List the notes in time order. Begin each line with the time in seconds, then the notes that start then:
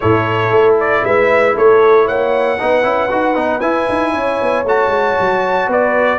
0.00 A2 E4 A4 C#5
0.51 A3
0.80 D5
1.04 G#3 B4 E5
1.54 A3 A4 C#5
2.05 A#3 C#5 F#5
2.58 B3 D#4 B4
2.83 C#4 E4
3.10 D#4 F#4
3.34 B3 D#4
3.60 E4 G#5
3.89 D#4
4.12 C#4 C#5
4.41 B3
4.64 A3 F#4 A5
4.88 G#3
5.20 F#3
5.67 B3 B4 D5